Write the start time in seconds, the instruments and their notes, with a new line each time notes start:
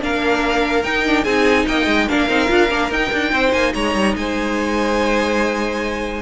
0.00 cello A#3, viola D4, violin A#4 F5
0.84 cello D#4, viola D#4, violin G5
1.06 viola D4
1.24 cello C4, viola D#4, violin G#4 G#5
1.68 cello A#3, violin D#5 G5
1.87 cello G#3
2.07 cello A#3, viola D4, violin A#4 F5
2.28 cello C4, viola D#4
2.48 cello D4, viola F4
2.71 cello A#3, viola D4
2.91 cello D#4, viola D#4, violin G5
3.12 cello D4
3.32 cello C4, violin C5
3.53 cello A#3, violin G#5
3.74 cello G#3, violin C#5 A#5
3.95 cello G3
4.16 cello G#3, violin C5 G#5